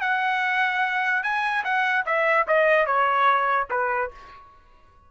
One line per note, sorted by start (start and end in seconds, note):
0.00 1.22 F#5
1.23 1.63 G#5
1.64 2.05 F#5
2.05 2.46 E5
2.47 2.86 D#5
2.86 3.67 C#5
3.70 4.10 B4